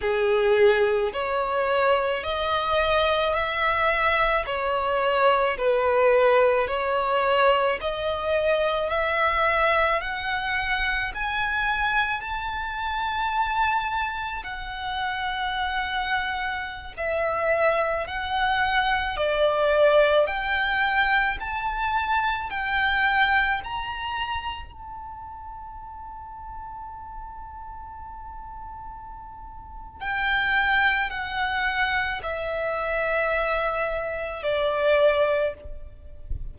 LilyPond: \new Staff \with { instrumentName = "violin" } { \time 4/4 \tempo 4 = 54 gis'4 cis''4 dis''4 e''4 | cis''4 b'4 cis''4 dis''4 | e''4 fis''4 gis''4 a''4~ | a''4 fis''2~ fis''16 e''8.~ |
e''16 fis''4 d''4 g''4 a''8.~ | a''16 g''4 ais''4 a''4.~ a''16~ | a''2. g''4 | fis''4 e''2 d''4 | }